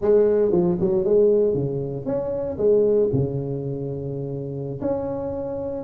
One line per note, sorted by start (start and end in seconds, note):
0.01 0.51 G#3
0.51 0.77 F3
0.80 1.04 F#3
1.04 1.54 G#3
1.54 2.05 C#3
2.05 2.57 C#4
2.57 3.09 G#3
3.12 4.81 C#3
4.81 5.84 C#4